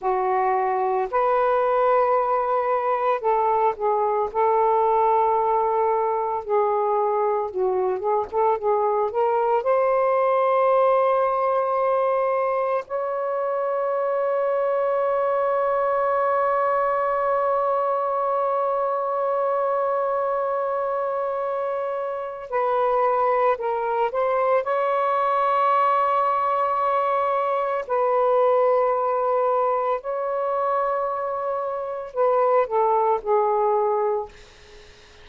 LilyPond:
\new Staff \with { instrumentName = "saxophone" } { \time 4/4 \tempo 4 = 56 fis'4 b'2 a'8 gis'8 | a'2 gis'4 fis'8 gis'16 a'16 | gis'8 ais'8 c''2. | cis''1~ |
cis''1~ | cis''4 b'4 ais'8 c''8 cis''4~ | cis''2 b'2 | cis''2 b'8 a'8 gis'4 | }